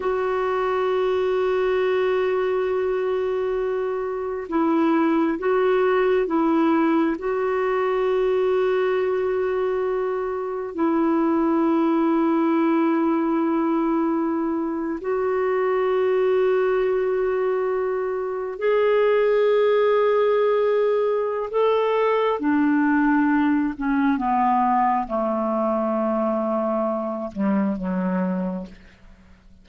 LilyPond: \new Staff \with { instrumentName = "clarinet" } { \time 4/4 \tempo 4 = 67 fis'1~ | fis'4 e'4 fis'4 e'4 | fis'1 | e'1~ |
e'8. fis'2.~ fis'16~ | fis'8. gis'2.~ gis'16 | a'4 d'4. cis'8 b4 | a2~ a8 g8 fis4 | }